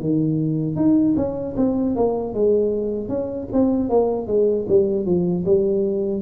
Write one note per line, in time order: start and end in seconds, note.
0.00 0.76 D#3
0.76 1.15 D#4
1.17 1.55 C#4
1.57 1.96 C4
1.96 2.34 A#3
2.34 3.09 G#3
3.09 3.48 C#4
3.53 3.90 C4
3.90 4.27 A#3
4.27 4.66 G#3
4.69 5.05 G3
5.05 5.44 F3
5.45 6.22 G3